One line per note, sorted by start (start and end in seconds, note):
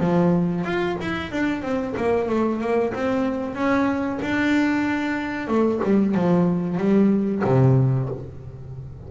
0.00 0.64 F3
0.64 0.96 F4
1.01 1.31 E4
1.31 1.62 D4
1.62 1.94 C4
1.96 2.28 A#3
2.28 2.61 A3
2.61 2.93 A#3
2.94 3.55 C4
3.55 4.19 C#4
4.22 5.48 D4
5.48 5.80 A3
5.84 6.15 G3
6.15 6.77 F3
6.77 7.42 G3
7.44 8.09 C3